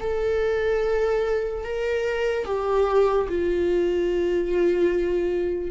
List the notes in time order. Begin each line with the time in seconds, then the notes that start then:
0.00 A4
1.64 A#4
2.45 G4
3.29 F4